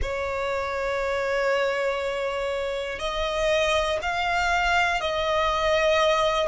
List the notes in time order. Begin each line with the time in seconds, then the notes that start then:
0.01 C#5
2.99 D#5
4.02 F5
5.00 D#5